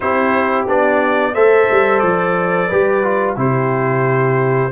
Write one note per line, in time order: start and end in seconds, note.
0.00 0.67 C4
0.00 0.67 E4
0.00 1.33 G4
0.00 0.65 C5
0.67 1.34 B3
0.67 1.34 D4
0.67 1.34 D5
1.33 1.68 A3
1.33 2.70 A4
1.33 2.68 C5
1.33 1.99 E5
1.70 2.02 G3
1.99 2.69 F3
1.99 3.34 D5
2.68 3.36 G3
2.68 3.03 G4
2.68 3.35 B4
3.03 3.36 F4
3.36 4.71 C3
3.36 4.70 E4
3.36 4.72 G4
3.36 4.72 C5